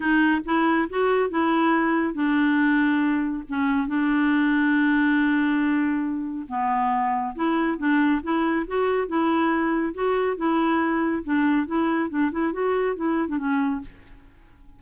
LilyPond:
\new Staff \with { instrumentName = "clarinet" } { \time 4/4 \tempo 4 = 139 dis'4 e'4 fis'4 e'4~ | e'4 d'2. | cis'4 d'2.~ | d'2. b4~ |
b4 e'4 d'4 e'4 | fis'4 e'2 fis'4 | e'2 d'4 e'4 | d'8 e'8 fis'4 e'8. d'16 cis'4 | }